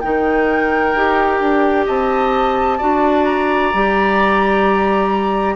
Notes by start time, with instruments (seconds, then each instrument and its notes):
0.00 bassoon D#3, clarinet D#4, oboe A#4, flute G5
0.95 bassoon D#4, clarinet G4
1.40 bassoon D4
1.86 bassoon C4, oboe D#5, flute A5
2.78 bassoon D4, clarinet F#4, oboe D5
3.25 flute A#5
3.74 bassoon G3, clarinet G4